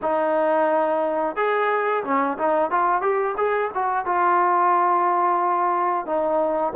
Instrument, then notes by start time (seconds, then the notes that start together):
trombone
0.02 D#4
1.36 G#4
2.03 C#4
2.37 D#4
2.70 F4
3.01 G4
3.37 G#4
3.74 F#4
4.05 F4
6.06 D#4